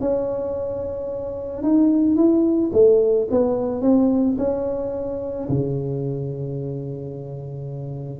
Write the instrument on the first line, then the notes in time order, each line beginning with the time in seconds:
tuba
0.00 C#4
1.63 D#4
2.15 E4
2.72 A3
3.31 B3
3.82 C4
4.38 C#4
5.48 C#3